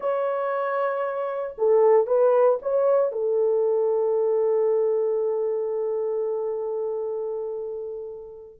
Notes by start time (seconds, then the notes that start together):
0.00 C#5
1.58 A4
2.06 B4
2.62 C#5
3.12 A4